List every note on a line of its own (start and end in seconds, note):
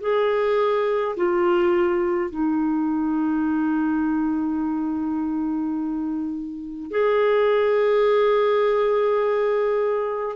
0.00 1.15 G#4
1.16 2.30 F4
2.30 6.91 D#4
6.91 10.36 G#4